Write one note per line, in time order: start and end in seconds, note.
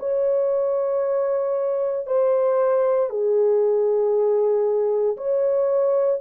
0.00 2.07 C#5
2.07 3.10 C5
3.10 5.17 G#4
5.17 6.21 C#5